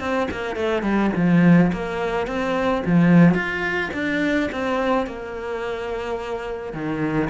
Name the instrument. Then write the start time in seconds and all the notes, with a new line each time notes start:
cello
0.00 C4
0.31 A#3
0.56 A3
0.83 G3
1.16 F3
1.73 A#3
2.27 C4
2.86 F3
3.34 F4
3.94 D4
4.52 C4
5.07 A#3
6.73 D#3